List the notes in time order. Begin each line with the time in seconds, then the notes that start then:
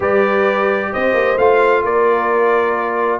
0.00 G3 G4 B4 D5
0.92 C4 C5 D#5
1.13 A#3
1.38 A3 F4 F5
1.84 A#3 A#4 D5